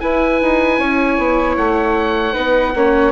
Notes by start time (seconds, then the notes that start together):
0.00 E4 B4 G#5
0.41 D#4
0.78 C#4 C#5
1.17 B3
1.56 A3 F#5
2.32 B3 D#4 B4
2.74 A#3 C#4 C#5